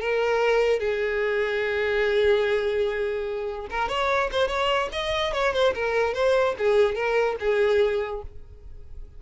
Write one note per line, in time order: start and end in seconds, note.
0.00 0.79 A#4
0.79 3.67 G#4
3.70 3.89 A#4
3.89 4.30 C#5
4.32 4.48 C5
4.48 4.89 C#5
4.92 5.33 D#5
5.33 5.53 C#5
5.53 5.74 C5
5.74 6.14 A#4
6.14 6.55 C5
6.58 6.95 G#4
6.95 7.36 A#4
7.40 8.22 G#4